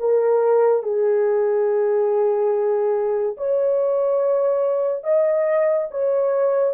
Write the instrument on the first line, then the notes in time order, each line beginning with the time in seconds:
horn
0.00 A#4
0.83 G#4
3.38 C#5
5.04 D#5
5.91 C#5